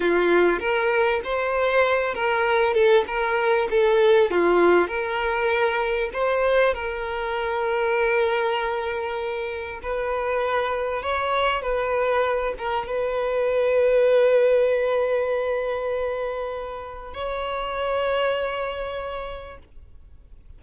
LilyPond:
\new Staff \with { instrumentName = "violin" } { \time 4/4 \tempo 4 = 98 f'4 ais'4 c''4. ais'8~ | ais'8 a'8 ais'4 a'4 f'4 | ais'2 c''4 ais'4~ | ais'1 |
b'2 cis''4 b'4~ | b'8 ais'8 b'2.~ | b'1 | cis''1 | }